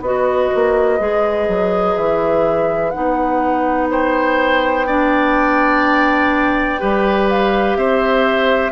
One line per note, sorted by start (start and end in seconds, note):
0.00 0.48 B3
0.00 0.98 F#4
0.00 3.90 B4
0.00 1.96 D#5
0.54 0.99 A#3
0.98 1.47 G#3
0.98 2.92 G#4
1.47 1.96 F#3
1.96 2.93 E3
1.96 2.90 E5
2.90 6.81 B3
2.90 4.86 D#4
2.90 3.87 F#5
3.90 4.86 C5
3.90 7.29 G5
4.86 6.78 D4
4.86 6.80 D5
6.78 7.76 G3
6.78 8.71 G4
6.78 7.77 B4
7.29 7.76 F5
7.76 8.71 C4
7.76 8.71 C5
7.76 8.71 E5